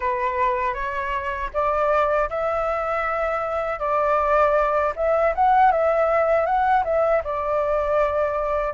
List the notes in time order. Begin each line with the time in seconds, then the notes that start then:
0.00 B4
0.74 C#5
1.53 D5
2.29 E5
3.79 D5
4.96 E5
5.35 F#5
5.71 E5
6.46 F#5
6.84 E5
7.24 D5